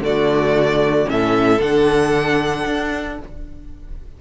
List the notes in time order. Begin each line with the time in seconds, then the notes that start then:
0.00 D3 A3 F#4 D5
1.06 A2 C#4 A4 E5
1.59 D3 D4 F#5
2.65 D4